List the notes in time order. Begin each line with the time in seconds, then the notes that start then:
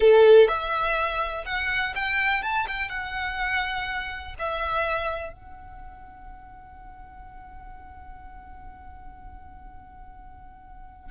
0.00 A4
0.48 E5
1.45 F#5
1.95 G5
2.42 A5
2.67 G5
2.89 F#5
4.38 E5
5.32 F#5